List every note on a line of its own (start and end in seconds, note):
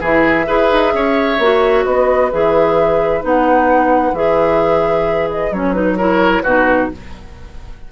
0.00 0.46 E3
0.00 0.46 E4
0.00 0.46 G#4
0.00 1.85 E5
0.46 0.72 E4
0.46 1.38 G#4
0.46 0.93 B4
0.72 0.94 D#4
0.94 1.38 C#4
0.94 1.85 C#5
1.38 1.84 A#3
1.38 2.31 F#4
1.85 2.32 B3
1.85 5.96 B4
1.85 2.31 D#5
2.31 3.23 E3
2.31 3.21 G#4
2.31 3.24 E5
3.21 4.12 B3
3.21 4.13 D#4
3.21 4.15 F#5
4.12 5.50 E3
4.12 5.52 G#4
4.12 5.29 E5
5.31 5.53 D#5
5.51 6.42 F#3
5.51 5.74 C#4
5.51 5.73 C#5
5.73 5.97 D#4
5.73 5.96 B4
5.96 6.44 E4
5.96 6.42 A#4
5.96 6.42 C#5
6.42 6.90 B2
6.42 6.92 D#4
6.42 6.89 F#4
6.42 6.88 B4